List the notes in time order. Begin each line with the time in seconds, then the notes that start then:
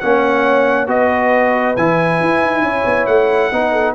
0.00 A#3 C#4 C#5 F#5
0.87 B3 F#4 B4 D#5
1.76 E3 E4 G#5
2.20 E4
2.42 D#4
2.62 C#4 C#5
2.85 B3
3.06 A3 F#5
3.52 B3 D#4 B4
3.72 A4